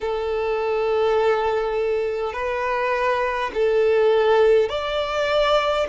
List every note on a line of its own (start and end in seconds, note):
0.00 2.33 A4
2.33 3.50 B4
3.53 4.68 A4
4.68 5.86 D5